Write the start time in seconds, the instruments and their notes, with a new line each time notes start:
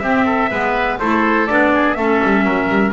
0.00 double bass C4, clarinet C4, oboe G4, trumpet E5
0.26 oboe A4
0.51 double bass G#3, clarinet B3, oboe B4
0.99 double bass A3, clarinet E4, oboe A4, trumpet C5
1.47 double bass B3, clarinet D4, trumpet D5
1.74 oboe G#4
1.94 double bass A3, clarinet C#4, oboe A4, trumpet E5
2.24 double bass G3
2.45 double bass F#3, oboe A#4
2.70 double bass G3